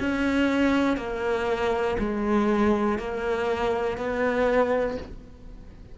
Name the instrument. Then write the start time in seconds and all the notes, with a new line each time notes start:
cello
0.00 C#4
0.98 A#3
1.99 G#3
2.99 A#3
3.98 B3